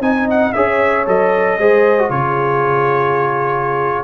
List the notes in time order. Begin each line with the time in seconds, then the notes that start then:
0.00 C4 D#4 D#5 G#5
0.30 F#5
0.53 C#4 G#4 C#5 E5
1.07 F#3 A4 D#5
1.58 G#3 G#4 C5
1.99 F#4
2.10 C#3 F4 G#4 C#5